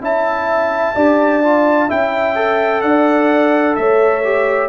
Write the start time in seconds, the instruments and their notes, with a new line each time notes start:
0.00 tuba C#4, trombone E4, horn E5, trumpet A5
0.95 tuba D4, trombone G4, horn D5
1.43 trombone F4
1.88 tuba C#4, trombone E4, horn E5, trumpet G5
2.35 trombone A4
2.81 tuba D4, horn D5, trumpet F#5
3.76 tuba A3, horn C#5, trumpet E5
4.24 trombone G4